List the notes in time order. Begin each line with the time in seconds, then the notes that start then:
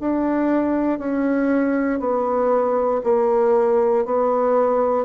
0.00 D4
0.99 C#4
2.00 B3
3.04 A#3
4.05 B3